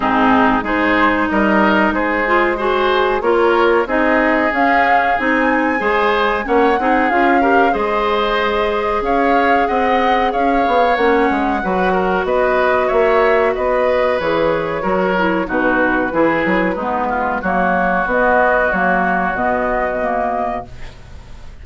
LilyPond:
<<
  \new Staff \with { instrumentName = "flute" } { \time 4/4 \tempo 4 = 93 gis'4 c''4 dis''4 c''4 | gis'4 cis''4 dis''4 f''4 | gis''2 fis''4 f''4 | dis''2 f''4 fis''4 |
f''4 fis''2 dis''4 | e''4 dis''4 cis''2 | b'2. cis''4 | dis''4 cis''4 dis''2 | }
  \new Staff \with { instrumentName = "oboe" } { \time 4/4 dis'4 gis'4 ais'4 gis'4 | c''4 ais'4 gis'2~ | gis'4 c''4 cis''8 gis'4 ais'8 | c''2 cis''4 dis''4 |
cis''2 b'8 ais'8 b'4 | cis''4 b'2 ais'4 | fis'4 gis'4 dis'8 f'8 fis'4~ | fis'1 | }
  \new Staff \with { instrumentName = "clarinet" } { \time 4/4 c'4 dis'2~ dis'8 f'8 | fis'4 f'4 dis'4 cis'4 | dis'4 gis'4 cis'8 dis'8 f'8 g'8 | gis'1~ |
gis'4 cis'4 fis'2~ | fis'2 gis'4 fis'8 e'8 | dis'4 e'4 b4 ais4 | b4 ais4 b4 ais4 | }
  \new Staff \with { instrumentName = "bassoon" } { \time 4/4 gis,4 gis4 g4 gis4~ | gis4 ais4 c'4 cis'4 | c'4 gis4 ais8 c'8 cis'4 | gis2 cis'4 c'4 |
cis'8 b8 ais8 gis8 fis4 b4 | ais4 b4 e4 fis4 | b,4 e8 fis8 gis4 fis4 | b4 fis4 b,2 | }
>>